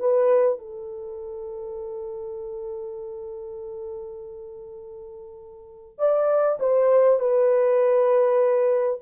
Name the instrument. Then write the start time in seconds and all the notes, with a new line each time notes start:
horn
0.00 B4
0.59 A4
5.98 D5
6.60 C5
7.19 B4